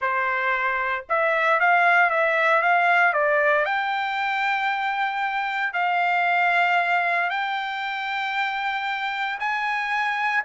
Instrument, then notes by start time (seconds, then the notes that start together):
trumpet
0.01 C5
1.09 E5
1.59 F5
2.10 E5
2.61 F5
3.13 D5
3.65 G5
5.73 F5
7.30 G5
9.39 G#5